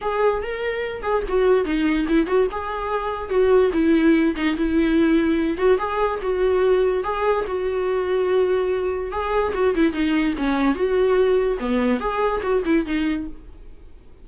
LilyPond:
\new Staff \with { instrumentName = "viola" } { \time 4/4 \tempo 4 = 145 gis'4 ais'4. gis'8 fis'4 | dis'4 e'8 fis'8 gis'2 | fis'4 e'4. dis'8 e'4~ | e'4. fis'8 gis'4 fis'4~ |
fis'4 gis'4 fis'2~ | fis'2 gis'4 fis'8 e'8 | dis'4 cis'4 fis'2 | b4 gis'4 fis'8 e'8 dis'4 | }